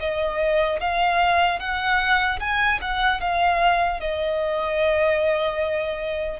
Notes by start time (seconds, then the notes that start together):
0.00 D#5
0.80 F5
1.60 F#5
2.40 G#5
2.82 F#5
3.21 F5
4.00 D#5